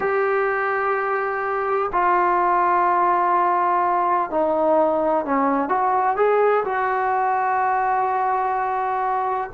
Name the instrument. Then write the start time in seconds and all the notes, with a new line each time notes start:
trombone
0.00 G4
1.92 F4
4.30 D#4
5.25 C#4
5.68 F#4
6.16 G#4
6.65 F#4